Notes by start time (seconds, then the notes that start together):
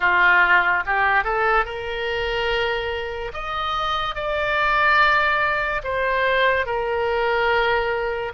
0.00 F4
0.86 G4
1.23 A4
1.65 A#4
3.33 D#5
4.15 D5
5.83 C5
6.66 A#4